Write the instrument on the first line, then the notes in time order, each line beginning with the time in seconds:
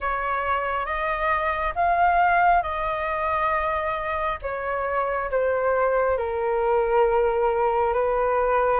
flute
0.00 C#5
0.85 D#5
1.75 F5
2.62 D#5
4.42 C#5
5.30 C5
6.17 A#4
7.93 B4